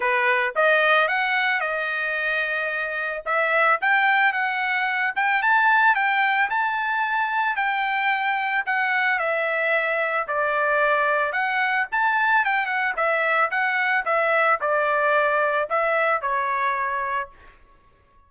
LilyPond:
\new Staff \with { instrumentName = "trumpet" } { \time 4/4 \tempo 4 = 111 b'4 dis''4 fis''4 dis''4~ | dis''2 e''4 g''4 | fis''4. g''8 a''4 g''4 | a''2 g''2 |
fis''4 e''2 d''4~ | d''4 fis''4 a''4 g''8 fis''8 | e''4 fis''4 e''4 d''4~ | d''4 e''4 cis''2 | }